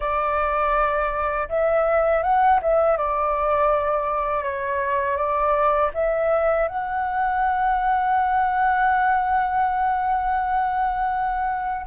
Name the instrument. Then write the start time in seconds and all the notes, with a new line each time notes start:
flute
0.00 D5
1.48 E5
2.23 F#5
2.61 E5
2.97 D5
4.43 C#5
5.16 D5
5.94 E5
6.67 F#5